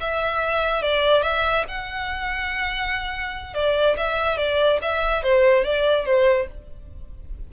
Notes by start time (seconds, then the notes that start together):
0.00 E5
0.82 D5
1.22 E5
1.68 F#5
3.54 D5
3.97 E5
4.37 D5
4.81 E5
5.23 C5
5.64 D5
6.05 C5